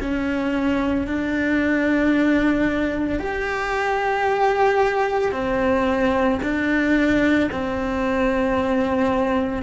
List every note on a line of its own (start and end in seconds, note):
0.00 1.07 C#4
1.07 3.19 D4
3.19 5.32 G4
5.32 6.39 C4
6.42 7.50 D4
7.51 9.62 C4